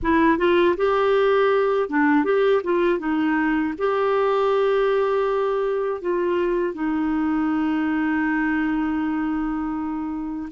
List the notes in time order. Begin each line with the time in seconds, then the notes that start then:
0.02 E4
0.38 F4
0.76 G4
1.89 D4
2.24 G4
2.63 F4
2.99 D#4
3.77 G4
6.01 F4
6.74 D#4